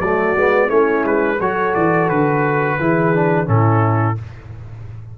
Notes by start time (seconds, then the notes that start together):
0.00 F#3 A3 F#4 D5
0.36 G#3 B3
0.67 A3 C#4 E4 C#5
1.05 G#3 B4
1.40 F#3 F#4 A4 C#5
1.75 E3 D5
2.09 D3 B4
2.80 E3 E4 G#4
3.15 D4
3.46 A2 C#4 E4 A4